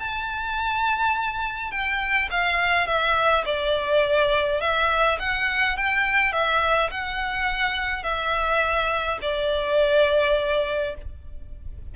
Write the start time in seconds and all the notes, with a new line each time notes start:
0.00 A5
1.72 G5
2.31 F5
2.87 E5
3.46 D5
4.61 E5
5.19 F#5
5.77 G5
6.33 E5
6.91 F#5
8.03 E5
9.22 D5